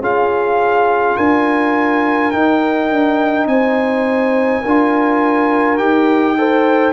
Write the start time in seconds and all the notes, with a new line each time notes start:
0.00 C#4 F4 G#4 F5
1.17 D4 A#4 G#5
2.31 D#4 G5
2.91 D4
3.46 C4 C5 G#5
4.62 D4 F4 A#4
5.78 D#4 G4 G5
6.37 A4 C5